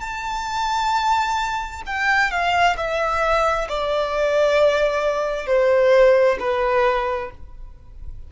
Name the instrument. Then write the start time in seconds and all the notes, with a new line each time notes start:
violin
0.00 A5
1.86 G5
2.31 F5
2.76 E5
3.69 D5
5.46 C5
6.39 B4